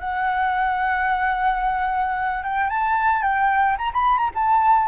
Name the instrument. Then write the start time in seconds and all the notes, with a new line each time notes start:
flute
0.00 F#5
2.43 G5
2.70 A5
3.23 G5
3.78 A#5
3.93 B5
4.17 A#5
4.35 A5